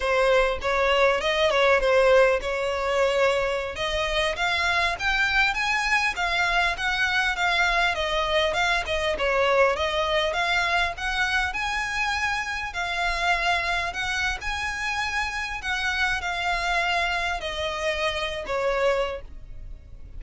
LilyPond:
\new Staff \with { instrumentName = "violin" } { \time 4/4 \tempo 4 = 100 c''4 cis''4 dis''8 cis''8 c''4 | cis''2~ cis''16 dis''4 f''8.~ | f''16 g''4 gis''4 f''4 fis''8.~ | fis''16 f''4 dis''4 f''8 dis''8 cis''8.~ |
cis''16 dis''4 f''4 fis''4 gis''8.~ | gis''4~ gis''16 f''2 fis''8. | gis''2 fis''4 f''4~ | f''4 dis''4.~ dis''16 cis''4~ cis''16 | }